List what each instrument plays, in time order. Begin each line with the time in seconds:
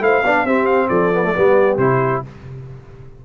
0.00 tuba A3, trombone E4, horn C5, trumpet F5
0.23 tuba B3, trombone D4, horn D5
0.44 tuba C4, trombone C4, horn G4, trumpet E5
0.66 trumpet F5
0.88 tuba F3, horn A4, trumpet D5
1.13 trombone B3
1.23 trombone A3
1.35 tuba G3, trombone B3, horn G4
1.77 tuba C3, trombone E4, trumpet C5